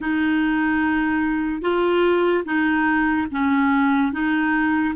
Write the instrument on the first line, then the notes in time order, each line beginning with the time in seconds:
clarinet
0.00 D#4
1.61 F4
2.45 D#4
3.31 C#4
4.12 D#4